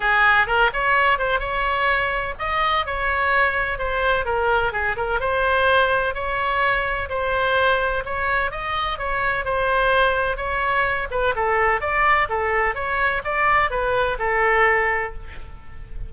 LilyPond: \new Staff \with { instrumentName = "oboe" } { \time 4/4 \tempo 4 = 127 gis'4 ais'8 cis''4 c''8 cis''4~ | cis''4 dis''4 cis''2 | c''4 ais'4 gis'8 ais'8 c''4~ | c''4 cis''2 c''4~ |
c''4 cis''4 dis''4 cis''4 | c''2 cis''4. b'8 | a'4 d''4 a'4 cis''4 | d''4 b'4 a'2 | }